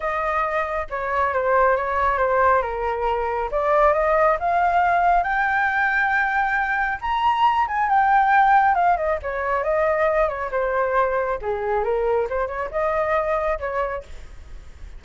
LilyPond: \new Staff \with { instrumentName = "flute" } { \time 4/4 \tempo 4 = 137 dis''2 cis''4 c''4 | cis''4 c''4 ais'2 | d''4 dis''4 f''2 | g''1 |
ais''4. gis''8 g''2 | f''8 dis''8 cis''4 dis''4. cis''8 | c''2 gis'4 ais'4 | c''8 cis''8 dis''2 cis''4 | }